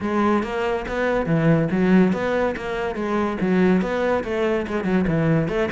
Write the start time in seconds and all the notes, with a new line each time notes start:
0.01 G#3
0.43 A#3
0.88 B3
1.26 E3
1.71 F#3
2.12 B3
2.56 A#3
2.95 G#3
3.40 F#3
3.81 B3
4.24 A3
4.67 G#3
4.84 F#3
5.07 E3
5.48 A3